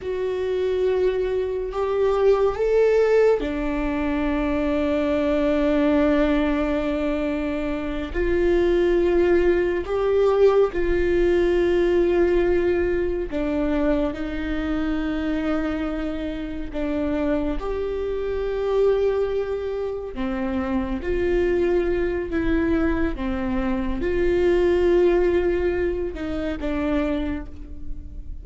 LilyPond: \new Staff \with { instrumentName = "viola" } { \time 4/4 \tempo 4 = 70 fis'2 g'4 a'4 | d'1~ | d'4. f'2 g'8~ | g'8 f'2. d'8~ |
d'8 dis'2. d'8~ | d'8 g'2. c'8~ | c'8 f'4. e'4 c'4 | f'2~ f'8 dis'8 d'4 | }